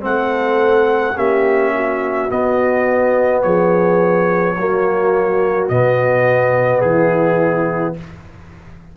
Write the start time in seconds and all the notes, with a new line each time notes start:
0.00 A3 C4 A4 F#5
1.16 A#3 C#4 G4 E5
1.75 F#4
2.29 B3 D#5
3.42 F3 G#4 C#5
4.56 F#3 A#3 F#4
5.68 B2 B3 D#5
6.80 E3 E4 G#4